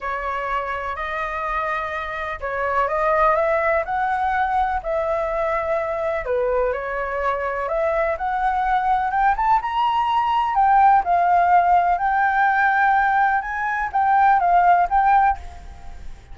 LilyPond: \new Staff \with { instrumentName = "flute" } { \time 4/4 \tempo 4 = 125 cis''2 dis''2~ | dis''4 cis''4 dis''4 e''4 | fis''2 e''2~ | e''4 b'4 cis''2 |
e''4 fis''2 g''8 a''8 | ais''2 g''4 f''4~ | f''4 g''2. | gis''4 g''4 f''4 g''4 | }